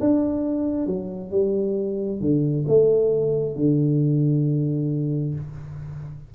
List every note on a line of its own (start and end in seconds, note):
0.00 0.87 D4
0.87 1.31 F#3
1.31 2.21 G3
2.21 2.65 D3
2.68 3.56 A3
3.56 5.35 D3